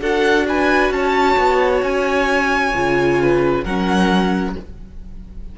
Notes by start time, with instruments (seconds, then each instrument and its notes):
0.00 cello D4, viola F#4, violin A4 F#5
0.48 violin B4 G#5
0.90 cello C#4, violin C#5 A5
1.37 cello B3
1.82 cello C#4, violin G#5
2.73 cello C#3, viola F4
3.22 violin B4
3.64 cello F#3, viola C#4, violin A#4 F#5